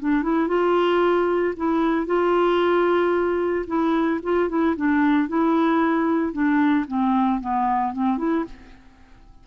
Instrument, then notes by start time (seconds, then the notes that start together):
clarinet
0.00 D4
0.23 E4
0.48 F4
1.57 E4
2.07 F4
3.68 E4
4.24 F4
4.49 E4
4.76 D4
5.29 E4
6.33 D4
6.88 C4
7.41 B3
7.94 C4
8.18 E4